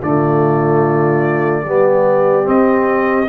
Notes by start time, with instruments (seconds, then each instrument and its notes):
0.00 tuba D3, trombone A3, horn F4, trumpet D5
1.63 tuba G3, trombone B3, horn G4
2.43 trombone C4, tuba C4, trumpet D#5